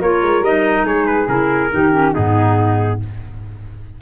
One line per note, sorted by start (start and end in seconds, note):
0.00 0.22 A#3
0.00 0.44 F4
0.00 0.85 A#4
0.00 0.44 C#5
0.22 0.40 G#3
0.40 0.83 G3
0.40 1.28 D#4
0.40 0.86 D#5
0.84 1.27 G#3
0.84 1.70 G#4
0.84 1.06 C#5
1.06 1.27 B4
1.27 1.70 C#3
1.27 1.70 E4
1.27 2.14 A#4
1.71 2.16 D#3
1.71 1.91 D#4
1.71 2.14 G4
1.91 2.13 C#4
2.14 3.01 G#2
2.14 3.00 B3
2.14 2.99 D#4
2.14 3.00 G#4